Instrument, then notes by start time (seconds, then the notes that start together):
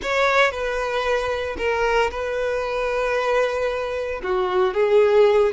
violin
0.02 C#5
0.51 B4
1.57 A#4
2.10 B4
4.23 F#4
4.74 G#4